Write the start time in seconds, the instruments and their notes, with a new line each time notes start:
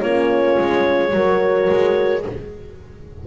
0.00 double bass A#3, horn C#4 F4, clarinet C#5
0.58 double bass G#3
1.10 double bass F#3, horn F#4 A#4
1.69 double bass G#3